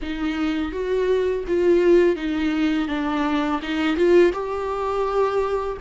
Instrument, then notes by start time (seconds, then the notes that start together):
viola
0.02 D#4
0.72 F#4
1.47 F4
2.16 D#4
2.88 D4
3.62 D#4
3.96 F4
4.32 G4